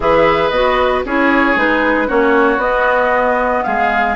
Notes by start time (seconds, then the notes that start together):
0.00 E3 G#4 B4 E5
0.49 B3 F#4 D#5
1.05 C#4 E4 G#4 C#5
1.55 G#3 D#4 B4
2.07 A#3 C#4 F#4 C#5
2.57 B3 D#5
3.63 G#3 G#4 F5